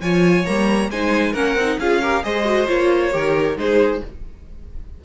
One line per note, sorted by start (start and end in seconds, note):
0.00 0.44 F3
0.00 0.46 F4
0.00 0.90 C#5
0.00 0.45 G#5
0.45 0.89 G3
0.45 0.90 A#3
0.45 0.90 A#5
0.89 1.33 G#3
0.89 1.35 D#4
0.89 1.32 C5
0.89 1.34 G#5
1.32 1.54 A#3
1.32 1.57 C#4
1.32 1.76 A#4
1.32 1.78 F#5
1.54 1.77 C4
1.54 1.81 D#4
1.79 2.24 C#4
1.79 2.02 F4
1.79 2.01 G#4
1.79 2.23 F5
2.01 2.23 G4
2.01 2.23 A#4
2.23 2.68 G#3
2.23 2.44 G#4
2.23 3.13 C5
2.23 2.67 D#5
2.44 2.67 F#4
2.67 3.14 A#3
2.67 3.11 F4
2.67 3.57 C#5
3.11 3.56 D#3
3.11 3.56 G4
3.11 3.58 A#4
3.56 4.01 G#3
3.56 4.01 D#4
3.56 4.04 G#4
3.56 4.03 C5